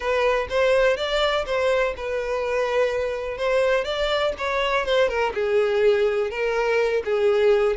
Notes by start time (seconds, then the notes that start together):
0.00 B4
0.49 C5
0.97 D5
1.46 C5
1.96 B4
3.37 C5
3.84 D5
4.38 C#5
4.85 C5
5.08 A#4
5.34 G#4
6.30 A#4
7.04 G#4